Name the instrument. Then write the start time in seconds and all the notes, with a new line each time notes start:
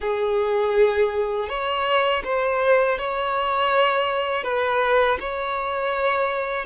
violin
0.00 G#4
1.48 C#5
2.24 C5
2.98 C#5
4.43 B4
5.20 C#5